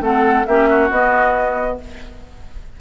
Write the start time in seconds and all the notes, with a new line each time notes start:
0.00 A3 C4 A4 F#5
0.46 A#3 C#4 G4 E5
0.69 F#4
0.90 B3 D#5